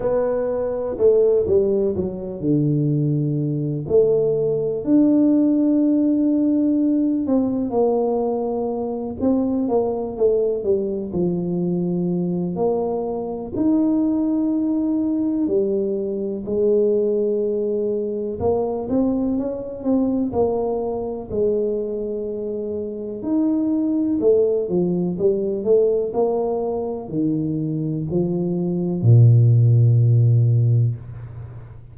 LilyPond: \new Staff \with { instrumentName = "tuba" } { \time 4/4 \tempo 4 = 62 b4 a8 g8 fis8 d4. | a4 d'2~ d'8 c'8 | ais4. c'8 ais8 a8 g8 f8~ | f4 ais4 dis'2 |
g4 gis2 ais8 c'8 | cis'8 c'8 ais4 gis2 | dis'4 a8 f8 g8 a8 ais4 | dis4 f4 ais,2 | }